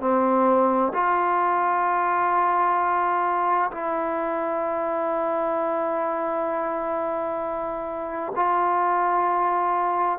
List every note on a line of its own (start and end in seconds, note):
0.00 0.92 C4
0.94 3.70 F4
3.71 8.33 E4
8.35 10.19 F4